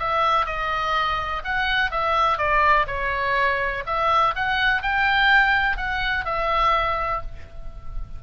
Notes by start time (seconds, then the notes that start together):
0.00 E5
0.46 D#5
1.45 F#5
1.91 E5
2.38 D5
2.88 C#5
3.87 E5
4.36 F#5
4.83 G5
5.77 F#5
6.26 E5